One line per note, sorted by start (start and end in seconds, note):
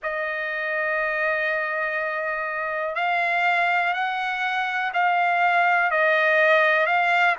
0.02 2.95 D#5
2.95 3.93 F5
3.93 4.92 F#5
4.93 5.91 F5
5.91 6.86 D#5
6.86 7.35 F5